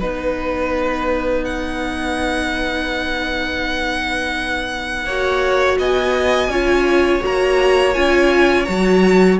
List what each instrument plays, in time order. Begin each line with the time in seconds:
0.00 cello B3, viola D#4, violin B4
1.44 violin F#5
5.05 cello A#3, viola F#4, violin C#5
5.79 cello B3, violin D#5 G#5
6.48 cello C#4, viola F4, violin C#5
7.22 cello A#3, viola F#4, violin A#5
7.94 cello C#4, viola F4, violin G#5
8.65 cello F#3, viola F#4, violin A#5